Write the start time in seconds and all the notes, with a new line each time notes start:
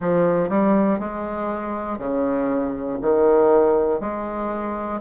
0.00 F3
0.49 G3
0.99 G#3
1.98 C#3
3.01 D#3
4.00 G#3